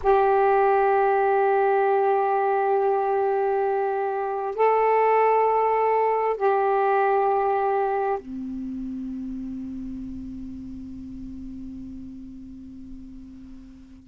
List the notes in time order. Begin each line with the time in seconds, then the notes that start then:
0.02 G4
4.55 A4
6.36 G4
8.18 C4